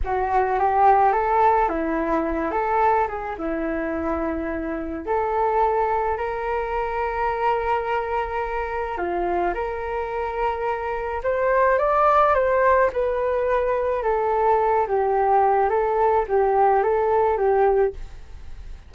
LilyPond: \new Staff \with { instrumentName = "flute" } { \time 4/4 \tempo 4 = 107 fis'4 g'4 a'4 e'4~ | e'8 a'4 gis'8 e'2~ | e'4 a'2 ais'4~ | ais'1 |
f'4 ais'2. | c''4 d''4 c''4 b'4~ | b'4 a'4. g'4. | a'4 g'4 a'4 g'4 | }